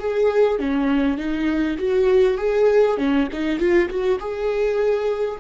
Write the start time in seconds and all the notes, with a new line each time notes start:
0.00 G#4
0.60 C#4
1.18 D#4
1.79 F#4
2.38 G#4
2.98 C#4
3.33 D#4
3.59 F4
3.90 F#4
4.20 G#4